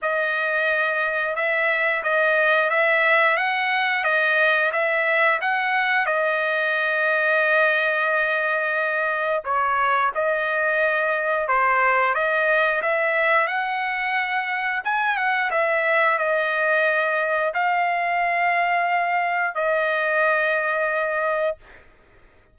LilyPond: \new Staff \with { instrumentName = "trumpet" } { \time 4/4 \tempo 4 = 89 dis''2 e''4 dis''4 | e''4 fis''4 dis''4 e''4 | fis''4 dis''2.~ | dis''2 cis''4 dis''4~ |
dis''4 c''4 dis''4 e''4 | fis''2 gis''8 fis''8 e''4 | dis''2 f''2~ | f''4 dis''2. | }